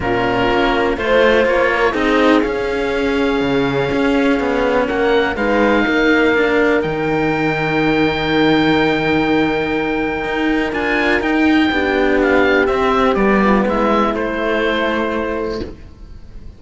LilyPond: <<
  \new Staff \with { instrumentName = "oboe" } { \time 4/4 \tempo 4 = 123 ais'2 c''4 cis''4 | dis''4 f''2.~ | f''2 fis''4 f''4~ | f''2 g''2~ |
g''1~ | g''2 gis''4 g''4~ | g''4 f''4 e''4 d''4 | e''4 c''2. | }
  \new Staff \with { instrumentName = "horn" } { \time 4/4 f'2 c''4. ais'8 | gis'1~ | gis'2 ais'4 b'4 | ais'1~ |
ais'1~ | ais'1 | g'2.~ g'8 f'8 | e'1 | }
  \new Staff \with { instrumentName = "cello" } { \time 4/4 cis'2 f'2 | dis'4 cis'2.~ | cis'2. dis'4~ | dis'4 d'4 dis'2~ |
dis'1~ | dis'2 f'4 dis'4 | d'2 c'4 b4~ | b4 a2. | }
  \new Staff \with { instrumentName = "cello" } { \time 4/4 ais,4 ais4 a4 ais4 | c'4 cis'2 cis4 | cis'4 b4 ais4 gis4 | ais2 dis2~ |
dis1~ | dis4 dis'4 d'4 dis'4 | b2 c'4 g4 | gis4 a2. | }
>>